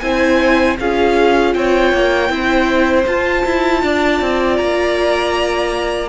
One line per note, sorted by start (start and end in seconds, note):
0.00 0.78 C4
0.00 0.78 E4
0.00 0.79 C5
0.00 0.76 G#5
0.80 1.55 C#4
0.80 2.29 F4
0.80 1.56 G#4
0.80 1.54 F5
1.54 1.93 C4
1.54 2.32 C#5
1.54 3.06 G5
1.93 2.29 A#3
2.29 3.05 C4
2.29 3.05 E4
2.29 3.84 C5
3.07 3.45 F4
3.07 6.09 F4
3.07 4.57 A5
3.45 3.83 E4
3.83 4.21 D4
3.83 6.09 D5
4.21 4.59 C4
4.57 6.09 A#3
4.57 6.09 A#5